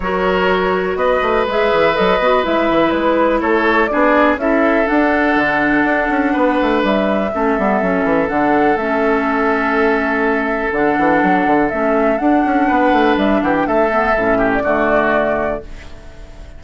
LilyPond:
<<
  \new Staff \with { instrumentName = "flute" } { \time 4/4 \tempo 4 = 123 cis''2 dis''4 e''4 | dis''4 e''4 b'4 cis''4 | d''4 e''4 fis''2~ | fis''2 e''2~ |
e''4 fis''4 e''2~ | e''2 fis''2 | e''4 fis''2 e''8 fis''16 g''16 | e''4.~ e''16 d''2~ d''16 | }
  \new Staff \with { instrumentName = "oboe" } { \time 4/4 ais'2 b'2~ | b'2. a'4 | gis'4 a'2.~ | a'4 b'2 a'4~ |
a'1~ | a'1~ | a'2 b'4. g'8 | a'4. g'8 fis'2 | }
  \new Staff \with { instrumentName = "clarinet" } { \time 4/4 fis'2. gis'4 | a'8 fis'8 e'2. | d'4 e'4 d'2~ | d'2. cis'8 b8 |
cis'4 d'4 cis'2~ | cis'2 d'2 | cis'4 d'2.~ | d'8 b8 cis'4 a2 | }
  \new Staff \with { instrumentName = "bassoon" } { \time 4/4 fis2 b8 a8 gis8 e8 | fis8 b8 gis8 e8 gis4 a4 | b4 cis'4 d'4 d4 | d'8 cis'8 b8 a8 g4 a8 g8 |
fis8 e8 d4 a2~ | a2 d8 e8 fis8 d8 | a4 d'8 cis'8 b8 a8 g8 e8 | a4 a,4 d2 | }
>>